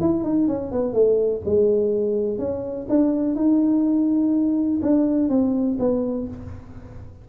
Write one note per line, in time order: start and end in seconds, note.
0.00 0.23 E4
0.23 0.48 D#4
0.48 0.71 C#4
0.71 0.93 B3
0.93 1.41 A3
1.45 2.38 G#3
2.38 2.87 C#4
2.89 3.35 D4
3.35 4.80 D#4
4.82 5.29 D4
5.29 5.77 C4
5.79 6.27 B3